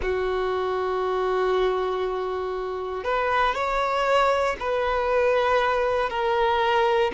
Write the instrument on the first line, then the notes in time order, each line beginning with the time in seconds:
violin
0.01 F#4
3.04 B4
3.55 C#5
4.59 B4
6.09 A#4